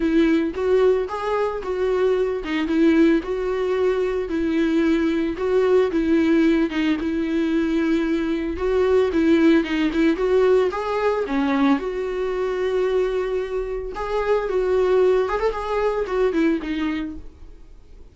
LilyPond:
\new Staff \with { instrumentName = "viola" } { \time 4/4 \tempo 4 = 112 e'4 fis'4 gis'4 fis'4~ | fis'8 dis'8 e'4 fis'2 | e'2 fis'4 e'4~ | e'8 dis'8 e'2. |
fis'4 e'4 dis'8 e'8 fis'4 | gis'4 cis'4 fis'2~ | fis'2 gis'4 fis'4~ | fis'8 gis'16 a'16 gis'4 fis'8 e'8 dis'4 | }